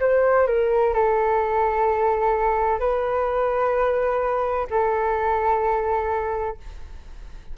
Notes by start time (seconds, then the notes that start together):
0.00 C5
0.47 A#4
0.94 A4
2.80 B4
4.70 A4